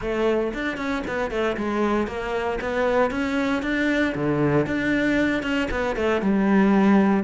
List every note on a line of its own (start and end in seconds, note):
0.01 0.53 A3
0.53 0.77 D4
0.77 1.03 C#4
1.07 1.30 B3
1.30 1.56 A3
1.56 2.07 G#3
2.07 2.59 A#3
2.60 3.10 B3
3.10 3.62 C#4
3.62 4.14 D4
4.14 4.66 D3
4.66 5.42 D4
5.42 5.68 C#4
5.70 5.96 B3
5.96 6.21 A3
6.21 7.23 G3